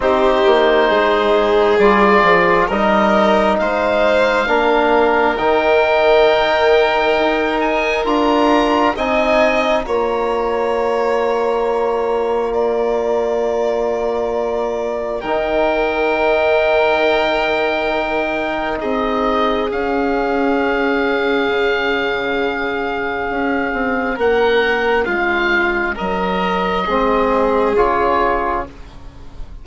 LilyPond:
<<
  \new Staff \with { instrumentName = "oboe" } { \time 4/4 \tempo 4 = 67 c''2 d''4 dis''4 | f''2 g''2~ | g''8 gis''8 ais''4 gis''4 ais''4~ | ais''1~ |
ais''4 g''2.~ | g''4 dis''4 f''2~ | f''2. fis''4 | f''4 dis''2 cis''4 | }
  \new Staff \with { instrumentName = "violin" } { \time 4/4 g'4 gis'2 ais'4 | c''4 ais'2.~ | ais'2 dis''4 cis''4~ | cis''2 d''2~ |
d''4 ais'2.~ | ais'4 gis'2.~ | gis'2. ais'4 | f'4 ais'4 gis'2 | }
  \new Staff \with { instrumentName = "trombone" } { \time 4/4 dis'2 f'4 dis'4~ | dis'4 d'4 dis'2~ | dis'4 f'4 dis'4 f'4~ | f'1~ |
f'4 dis'2.~ | dis'2 cis'2~ | cis'1~ | cis'2 c'4 f'4 | }
  \new Staff \with { instrumentName = "bassoon" } { \time 4/4 c'8 ais8 gis4 g8 f8 g4 | gis4 ais4 dis2 | dis'4 d'4 c'4 ais4~ | ais1~ |
ais4 dis2.~ | dis4 c'4 cis'2 | cis2 cis'8 c'8 ais4 | gis4 fis4 gis4 cis4 | }
>>